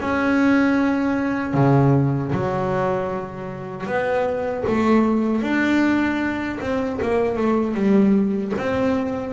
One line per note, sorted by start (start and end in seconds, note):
0.00 1.54 C#4
1.54 2.32 C#3
2.32 3.86 F#3
3.86 4.64 B3
4.67 5.42 A3
5.42 6.58 D4
6.60 6.99 C4
7.02 7.37 A#3
7.37 7.74 A3
7.74 8.52 G3
8.58 9.33 C4